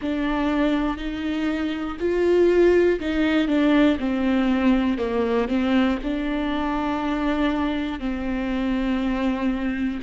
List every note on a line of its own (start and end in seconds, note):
0.01 0.97 D4
0.97 1.97 D#4
1.99 2.99 F4
3.00 3.47 D#4
3.47 3.97 D4
3.99 4.98 C4
4.98 5.48 A#3
5.48 5.98 C4
6.03 7.99 D4
7.99 9.99 C4